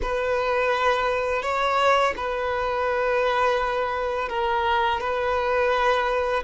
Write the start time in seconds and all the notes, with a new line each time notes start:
0.02 B4
1.42 C#5
2.16 B4
4.29 A#4
5.00 B4